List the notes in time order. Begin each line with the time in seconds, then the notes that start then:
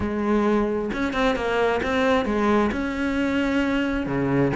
0.00 G#3
0.93 C#4
1.13 C4
1.35 A#3
1.82 C4
2.25 G#3
2.72 C#4
4.06 C#3